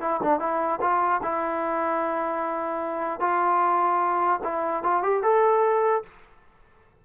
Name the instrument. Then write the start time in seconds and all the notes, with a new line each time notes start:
trombone
0.00 E4
0.22 D4
0.39 E4
0.81 F4
1.22 E4
3.20 F4
4.43 E4
4.83 F4
5.03 G4
5.22 A4